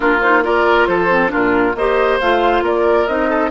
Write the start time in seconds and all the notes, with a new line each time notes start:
0.00 A#3 D4 F4 A#4
0.20 D#4 C5
0.42 F4 A#4 D5
0.86 F3 A4 C5
1.09 C4
1.28 D4 F4 A#4
1.34 A#2
1.75 A#3 G4 C5 D#5
2.20 A3 F4 F5
2.61 A#3 A#4 D5
3.07 C4 D#4 D#5
3.29 A4